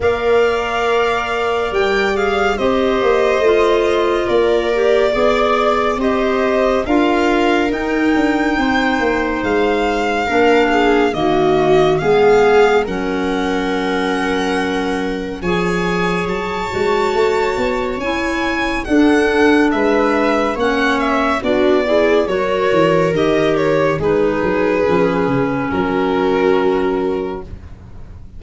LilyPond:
<<
  \new Staff \with { instrumentName = "violin" } { \time 4/4 \tempo 4 = 70 f''2 g''8 f''8 dis''4~ | dis''4 d''2 dis''4 | f''4 g''2 f''4~ | f''4 dis''4 f''4 fis''4~ |
fis''2 gis''4 a''4~ | a''4 gis''4 fis''4 e''4 | fis''8 e''8 d''4 cis''4 dis''8 cis''8 | b'2 ais'2 | }
  \new Staff \with { instrumentName = "viola" } { \time 4/4 d''2. c''4~ | c''4 ais'4 d''4 c''4 | ais'2 c''2 | ais'8 gis'8 fis'4 gis'4 ais'4~ |
ais'2 cis''2~ | cis''2 a'4 b'4 | cis''4 fis'8 gis'8 ais'2 | gis'2 fis'2 | }
  \new Staff \with { instrumentName = "clarinet" } { \time 4/4 ais'2~ ais'8 gis'8 g'4 | f'4. g'8 gis'4 g'4 | f'4 dis'2. | d'4 ais4 b4 cis'4~ |
cis'2 gis'4. fis'8~ | fis'4 e'4 d'2 | cis'4 d'8 e'8 fis'4 g'4 | dis'4 cis'2. | }
  \new Staff \with { instrumentName = "tuba" } { \time 4/4 ais2 g4 c'8 ais8 | a4 ais4 b4 c'4 | d'4 dis'8 d'8 c'8 ais8 gis4 | ais4 dis4 gis4 fis4~ |
fis2 f4 fis8 gis8 | a8 b8 cis'4 d'4 gis4 | ais4 b4 fis8 e8 dis4 | gis8 fis8 f8 cis8 fis2 | }
>>